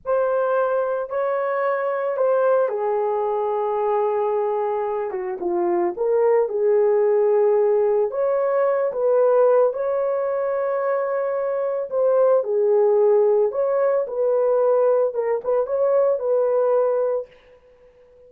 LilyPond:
\new Staff \with { instrumentName = "horn" } { \time 4/4 \tempo 4 = 111 c''2 cis''2 | c''4 gis'2.~ | gis'4. fis'8 f'4 ais'4 | gis'2. cis''4~ |
cis''8 b'4. cis''2~ | cis''2 c''4 gis'4~ | gis'4 cis''4 b'2 | ais'8 b'8 cis''4 b'2 | }